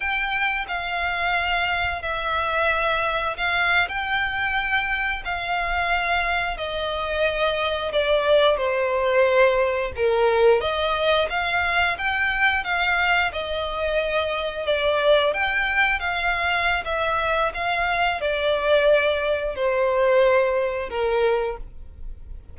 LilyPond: \new Staff \with { instrumentName = "violin" } { \time 4/4 \tempo 4 = 89 g''4 f''2 e''4~ | e''4 f''8. g''2 f''16~ | f''4.~ f''16 dis''2 d''16~ | d''8. c''2 ais'4 dis''16~ |
dis''8. f''4 g''4 f''4 dis''16~ | dis''4.~ dis''16 d''4 g''4 f''16~ | f''4 e''4 f''4 d''4~ | d''4 c''2 ais'4 | }